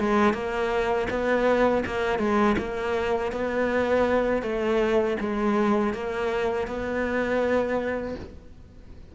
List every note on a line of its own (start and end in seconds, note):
0.00 0.33 G#3
0.33 1.07 A#3
1.10 1.84 B3
1.86 2.19 A#3
2.19 2.56 G#3
2.58 3.32 A#3
3.32 4.42 B3
4.42 5.16 A3
5.20 5.94 G#3
5.94 6.67 A#3
6.67 8.15 B3